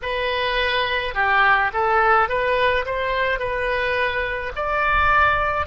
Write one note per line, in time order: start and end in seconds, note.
0.02 1.14 B4
1.14 1.71 G4
1.73 2.28 A4
2.28 2.85 B4
2.85 3.39 C5
3.39 4.52 B4
4.55 5.66 D5